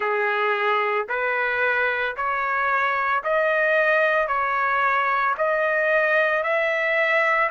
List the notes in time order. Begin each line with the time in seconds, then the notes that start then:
0.00 G#4
1.08 B4
2.16 C#5
3.23 D#5
4.27 C#5
5.37 D#5
6.43 E5